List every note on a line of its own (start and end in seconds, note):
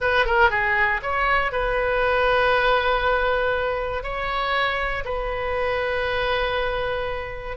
0.00 0.25 B4
0.25 0.50 A#4
0.50 1.00 G#4
1.02 1.51 C#5
1.51 4.03 B4
4.03 5.04 C#5
5.04 7.57 B4